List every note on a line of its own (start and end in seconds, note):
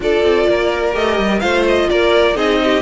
0.00 0.21 D4
0.00 0.92 F4
0.00 0.49 A4
0.00 0.95 D5
0.23 0.46 C4
0.49 0.94 A#3
0.49 1.41 A#4
0.92 1.18 A3
0.92 1.39 G4
0.92 1.39 D#5
1.18 1.42 G3
1.39 1.89 A3
1.39 2.34 F4
1.39 1.88 C5
1.39 1.63 F5
1.67 1.89 D#5
1.89 2.35 A#3
1.89 2.36 A#4
1.89 2.36 D5
2.34 2.81 C4
2.34 2.81 D#4
2.34 2.59 G#4
2.34 2.81 D#5
2.63 2.81 G4